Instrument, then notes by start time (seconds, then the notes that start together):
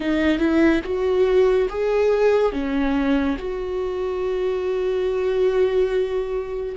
viola
0.00 D#4
0.38 E4
0.84 F#4
1.69 G#4
2.52 C#4
3.38 F#4